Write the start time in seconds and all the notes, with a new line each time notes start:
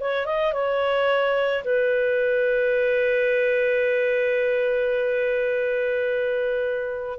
0.00 C#5
0.26 D#5
0.53 C#5
1.64 B4